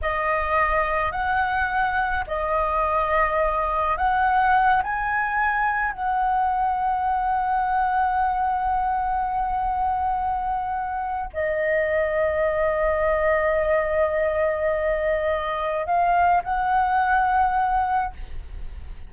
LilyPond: \new Staff \with { instrumentName = "flute" } { \time 4/4 \tempo 4 = 106 dis''2 fis''2 | dis''2. fis''4~ | fis''8 gis''2 fis''4.~ | fis''1~ |
fis''1 | dis''1~ | dis''1 | f''4 fis''2. | }